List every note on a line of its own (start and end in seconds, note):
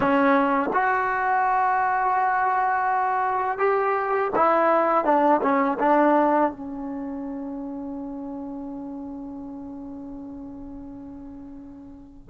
0.00 0.70 C#4
0.73 3.58 F#4
3.58 4.30 G4
4.35 5.04 E4
5.04 5.41 D4
5.42 5.78 C#4
5.79 6.51 D4
6.51 12.29 C#4